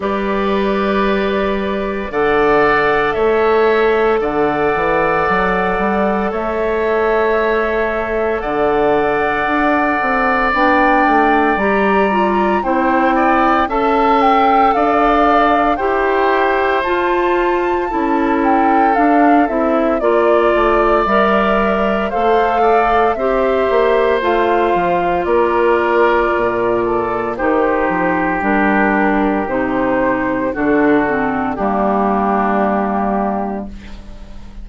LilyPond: <<
  \new Staff \with { instrumentName = "flute" } { \time 4/4 \tempo 4 = 57 d''2 fis''4 e''4 | fis''2 e''2 | fis''2 g''4 ais''4 | g''4 a''8 g''8 f''4 g''4 |
a''4. g''8 f''8 e''8 d''4 | e''4 f''4 e''4 f''4 | d''2 c''4 ais'4 | c''4 a'4 g'2 | }
  \new Staff \with { instrumentName = "oboe" } { \time 4/4 b'2 d''4 cis''4 | d''2 cis''2 | d''1 | c''8 d''8 e''4 d''4 c''4~ |
c''4 a'2 d''4~ | d''4 c''8 d''8 c''2 | ais'4. a'8 g'2~ | g'4 fis'4 d'2 | }
  \new Staff \with { instrumentName = "clarinet" } { \time 4/4 g'2 a'2~ | a'1~ | a'2 d'4 g'8 f'8 | e'4 a'2 g'4 |
f'4 e'4 d'8 e'8 f'4 | ais'4 a'4 g'4 f'4~ | f'2 dis'4 d'4 | dis'4 d'8 c'8 ais2 | }
  \new Staff \with { instrumentName = "bassoon" } { \time 4/4 g2 d4 a4 | d8 e8 fis8 g8 a2 | d4 d'8 c'8 b8 a8 g4 | c'4 cis'4 d'4 e'4 |
f'4 cis'4 d'8 c'8 ais8 a8 | g4 a4 c'8 ais8 a8 f8 | ais4 ais,4 dis8 f8 g4 | c4 d4 g2 | }
>>